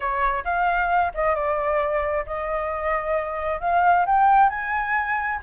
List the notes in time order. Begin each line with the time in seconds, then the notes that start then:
0.00 C#5
0.44 F5
1.14 D#5
1.35 D5
2.26 D#5
3.60 F5
4.06 G5
4.49 G#5